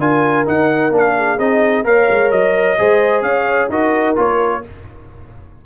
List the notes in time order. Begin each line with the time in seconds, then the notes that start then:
0.00 D4 F4 A#4 G#5
0.46 D#4 F#5
0.91 A#3 D4
0.98 F5
1.17 G#4
1.39 C4 D#4 D#5
1.85 A#3 A#4 C#5 F5
2.10 G#3
2.31 F#3 D#5
2.79 G#3 G#4 C5
3.22 C#4 C#5 F5
3.70 D#4 F#4 A#4 D#5
4.16 A#3 F4 C#5